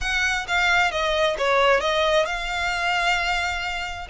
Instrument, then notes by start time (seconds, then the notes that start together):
violin
0.00 F#5
0.47 F5
0.91 D#5
1.38 C#5
1.80 D#5
2.25 F5